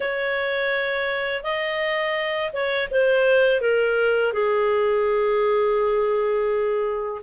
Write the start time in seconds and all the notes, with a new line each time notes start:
0.00 C#5
1.43 D#5
2.52 C#5
2.90 C5
3.60 A#4
4.32 G#4